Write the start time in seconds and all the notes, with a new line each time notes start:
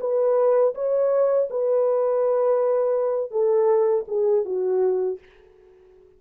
0.00 B4
0.75 C#5
1.51 B4
3.31 A4
4.08 G#4
4.45 F#4